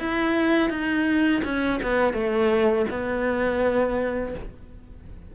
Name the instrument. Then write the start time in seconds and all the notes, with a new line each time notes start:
cello
0.00 E4
0.70 D#4
1.45 C#4
1.83 B3
2.14 A3
2.90 B3